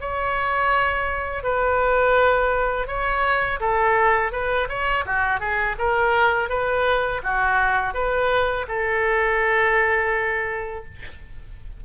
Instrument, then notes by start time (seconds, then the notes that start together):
oboe
0.00 C#5
1.43 B4
2.87 C#5
3.60 A4
4.31 B4
4.69 C#5
5.05 F#4
5.40 G#4
5.78 A#4
6.49 B4
7.23 F#4
7.94 B4
8.67 A4